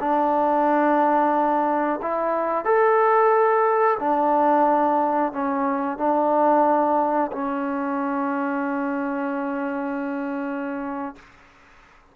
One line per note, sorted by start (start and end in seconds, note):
0.00 2.00 D4
2.02 2.65 E4
2.65 3.98 A4
3.99 5.32 D4
5.32 5.98 C#4
5.98 7.31 D4
7.32 11.15 C#4